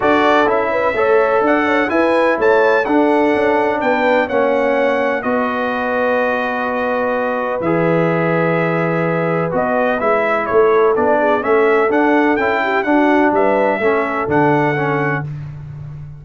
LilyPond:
<<
  \new Staff \with { instrumentName = "trumpet" } { \time 4/4 \tempo 4 = 126 d''4 e''2 fis''4 | gis''4 a''4 fis''2 | g''4 fis''2 dis''4~ | dis''1 |
e''1 | dis''4 e''4 cis''4 d''4 | e''4 fis''4 g''4 fis''4 | e''2 fis''2 | }
  \new Staff \with { instrumentName = "horn" } { \time 4/4 a'4. b'8 cis''4 d''8 cis''8 | b'4 cis''4 a'2 | b'4 cis''2 b'4~ | b'1~ |
b'1~ | b'2 a'4. gis'8 | a'2~ a'8 g'8 fis'4 | b'4 a'2. | }
  \new Staff \with { instrumentName = "trombone" } { \time 4/4 fis'4 e'4 a'2 | e'2 d'2~ | d'4 cis'2 fis'4~ | fis'1 |
gis'1 | fis'4 e'2 d'4 | cis'4 d'4 e'4 d'4~ | d'4 cis'4 d'4 cis'4 | }
  \new Staff \with { instrumentName = "tuba" } { \time 4/4 d'4 cis'4 a4 d'4 | e'4 a4 d'4 cis'4 | b4 ais2 b4~ | b1 |
e1 | b4 gis4 a4 b4 | a4 d'4 cis'4 d'4 | g4 a4 d2 | }
>>